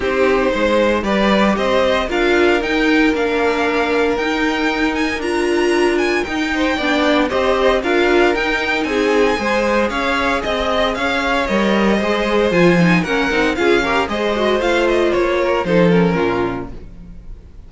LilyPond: <<
  \new Staff \with { instrumentName = "violin" } { \time 4/4 \tempo 4 = 115 c''2 d''4 dis''4 | f''4 g''4 f''2 | g''4. gis''8 ais''4. gis''8 | g''2 dis''4 f''4 |
g''4 gis''2 f''4 | dis''4 f''4 dis''2 | gis''4 fis''4 f''4 dis''4 | f''8 dis''8 cis''4 c''8 ais'4. | }
  \new Staff \with { instrumentName = "violin" } { \time 4/4 g'4 c''4 b'4 c''4 | ais'1~ | ais'1~ | ais'8 c''8 d''4 c''4 ais'4~ |
ais'4 gis'4 c''4 cis''4 | dis''4 cis''2 c''4~ | c''4 ais'4 gis'8 ais'8 c''4~ | c''4. ais'8 a'4 f'4 | }
  \new Staff \with { instrumentName = "viola" } { \time 4/4 dis'2 g'2 | f'4 dis'4 d'2 | dis'2 f'2 | dis'4 d'4 g'4 f'4 |
dis'2 gis'2~ | gis'2 ais'4 gis'4 | f'8 dis'8 cis'8 dis'8 f'8 g'8 gis'8 fis'8 | f'2 dis'8 cis'4. | }
  \new Staff \with { instrumentName = "cello" } { \time 4/4 c'4 gis4 g4 c'4 | d'4 dis'4 ais2 | dis'2 d'2 | dis'4 b4 c'4 d'4 |
dis'4 c'4 gis4 cis'4 | c'4 cis'4 g4 gis4 | f4 ais8 c'8 cis'4 gis4 | a4 ais4 f4 ais,4 | }
>>